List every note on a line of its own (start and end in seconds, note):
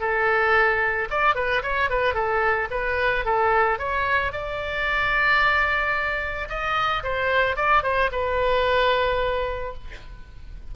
0.00 1.08 A4
1.10 1.35 D5
1.35 1.62 B4
1.62 1.89 C#5
1.89 2.14 B4
2.14 2.68 A4
2.70 3.24 B4
3.24 3.78 A4
3.78 4.32 C#5
4.32 6.48 D5
6.49 7.03 D#5
7.03 7.56 C5
7.56 7.83 D5
7.83 8.10 C5
8.11 9.73 B4